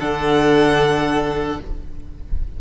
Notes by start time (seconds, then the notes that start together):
0.00 D3 D4 A4 F#5